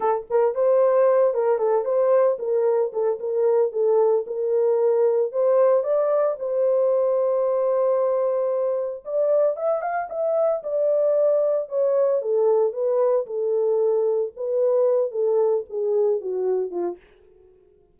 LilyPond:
\new Staff \with { instrumentName = "horn" } { \time 4/4 \tempo 4 = 113 a'8 ais'8 c''4. ais'8 a'8 c''8~ | c''8 ais'4 a'8 ais'4 a'4 | ais'2 c''4 d''4 | c''1~ |
c''4 d''4 e''8 f''8 e''4 | d''2 cis''4 a'4 | b'4 a'2 b'4~ | b'8 a'4 gis'4 fis'4 f'8 | }